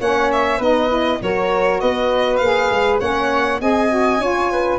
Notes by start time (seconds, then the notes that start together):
0.00 A#3 C#4 C#5 F#5
0.32 E5
0.58 B3 D#4 B4 D#5
0.89 E4
1.21 F#3 F#4 A#4 C#5
1.80 B3 B4 D#5
2.37 A#3 F5
2.43 G#4
2.70 G#3
3.00 A#3 C#4 C#5 F#5
3.61 C4 G#4 D#5 G#5
3.89 F#4
4.18 C#4 F4 C#5
4.52 B4